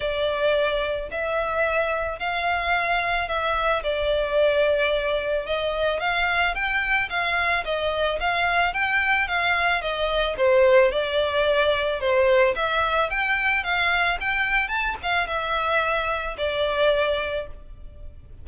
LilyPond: \new Staff \with { instrumentName = "violin" } { \time 4/4 \tempo 4 = 110 d''2 e''2 | f''2 e''4 d''4~ | d''2 dis''4 f''4 | g''4 f''4 dis''4 f''4 |
g''4 f''4 dis''4 c''4 | d''2 c''4 e''4 | g''4 f''4 g''4 a''8 f''8 | e''2 d''2 | }